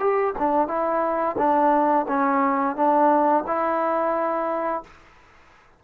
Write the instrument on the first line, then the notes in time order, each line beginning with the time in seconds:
trombone
0.00 G4
0.39 D4
0.68 E4
1.38 D4
2.08 C#4
2.76 D4
3.47 E4